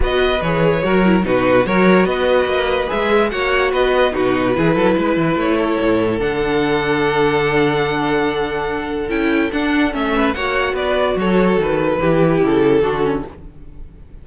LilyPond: <<
  \new Staff \with { instrumentName = "violin" } { \time 4/4 \tempo 4 = 145 dis''4 cis''2 b'4 | cis''4 dis''2 e''4 | fis''4 dis''4 b'2~ | b'4 cis''2 fis''4~ |
fis''1~ | fis''2 g''4 fis''4 | e''4 fis''4 d''4 cis''4 | b'2 a'2 | }
  \new Staff \with { instrumentName = "violin" } { \time 4/4 b'2 ais'4 fis'4 | ais'4 b'2. | cis''4 b'4 fis'4 gis'8 a'8 | b'4. a'2~ a'8~ |
a'1~ | a'1~ | a'8 b'8 cis''4 b'4 a'4~ | a'4 g'2 fis'4 | }
  \new Staff \with { instrumentName = "viola" } { \time 4/4 fis'4 gis'4 fis'8 e'8 dis'4 | fis'2. gis'4 | fis'2 dis'4 e'4~ | e'2. d'4~ |
d'1~ | d'2 e'4 d'4 | cis'4 fis'2.~ | fis'4 e'2 d'8 cis'8 | }
  \new Staff \with { instrumentName = "cello" } { \time 4/4 b4 e4 fis4 b,4 | fis4 b4 ais4 gis4 | ais4 b4 b,4 e8 fis8 | gis8 e8 a4 a,4 d4~ |
d1~ | d2 cis'4 d'4 | a4 ais4 b4 fis4 | dis4 e4 cis4 d4 | }
>>